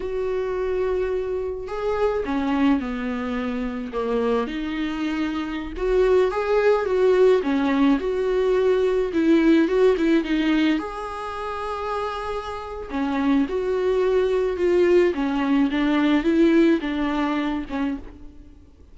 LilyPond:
\new Staff \with { instrumentName = "viola" } { \time 4/4 \tempo 4 = 107 fis'2. gis'4 | cis'4 b2 ais4 | dis'2~ dis'16 fis'4 gis'8.~ | gis'16 fis'4 cis'4 fis'4.~ fis'16~ |
fis'16 e'4 fis'8 e'8 dis'4 gis'8.~ | gis'2. cis'4 | fis'2 f'4 cis'4 | d'4 e'4 d'4. cis'8 | }